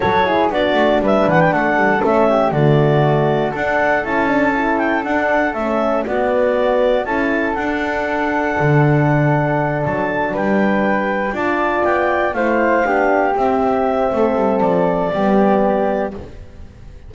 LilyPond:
<<
  \new Staff \with { instrumentName = "clarinet" } { \time 4/4 \tempo 4 = 119 cis''4 d''4 e''8 fis''16 g''16 fis''4 | e''4 d''2 fis''4 | a''4. g''8 fis''4 e''4 | d''2 a''4 fis''4~ |
fis''2.~ fis''8 a''8~ | a''8 g''2 a''4 g''8~ | g''8 f''2 e''4.~ | e''4 d''2. | }
  \new Staff \with { instrumentName = "flute" } { \time 4/4 a'8 gis'8 fis'4 b'4 a'4~ | a'8 g'8 fis'2 a'4~ | a'1 | fis'2 a'2~ |
a'1~ | a'8 b'2 d''4.~ | d''8 c''4 g'2~ g'8 | a'2 g'2 | }
  \new Staff \with { instrumentName = "horn" } { \time 4/4 fis'8 e'8 d'2. | cis'4 a2 d'4 | e'8 d'8 e'4 d'4 cis'4 | b2 e'4 d'4~ |
d'1~ | d'2~ d'8 f'4.~ | f'8 e'4 d'4 c'4.~ | c'2 b2 | }
  \new Staff \with { instrumentName = "double bass" } { \time 4/4 fis4 b8 a8 g8 e8 a8 g8 | a4 d2 d'4 | cis'2 d'4 a4 | b2 cis'4 d'4~ |
d'4 d2~ d8 fis8~ | fis8 g2 d'4 b8~ | b8 a4 b4 c'4. | a8 g8 f4 g2 | }
>>